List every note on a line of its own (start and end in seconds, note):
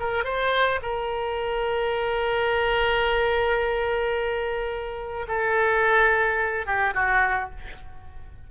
0.00 0.24 A#4
0.24 0.80 C5
0.83 5.27 A#4
5.28 6.66 A4
6.66 6.94 G4
6.94 7.50 F#4